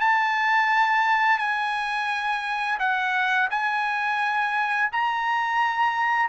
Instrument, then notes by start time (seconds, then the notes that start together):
trumpet
0.00 A5
1.38 G#5
2.79 F#5
3.50 G#5
4.92 A#5